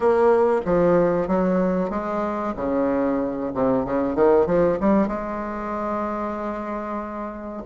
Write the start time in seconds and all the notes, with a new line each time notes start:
0.00 A#3
0.65 F3
1.27 F#3
1.90 G#3
2.56 C#3
3.53 C3
3.85 C#3
4.15 D#3
4.46 F3
4.80 G3
5.07 G#3